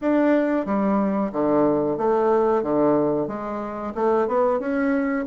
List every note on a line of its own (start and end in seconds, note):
0.01 0.65 D4
0.65 1.31 G3
1.32 1.97 D3
1.97 2.62 A3
2.62 3.27 D3
3.27 3.93 G#3
3.94 4.27 A3
4.27 4.59 B3
4.59 5.25 C#4